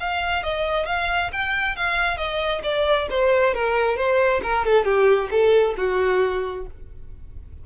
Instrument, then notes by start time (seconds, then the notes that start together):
violin
0.00 F5
0.43 D#5
0.86 F5
1.32 G5
1.76 F5
2.17 D#5
2.63 D5
3.10 C5
3.54 A#4
3.97 C5
4.43 A#4
4.65 A4
4.85 G4
5.31 A4
5.77 F#4